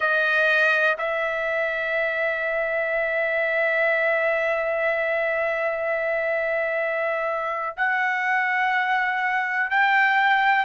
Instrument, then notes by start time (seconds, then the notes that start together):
trumpet
0.00 D#5
0.98 E5
7.76 F#5
9.70 G5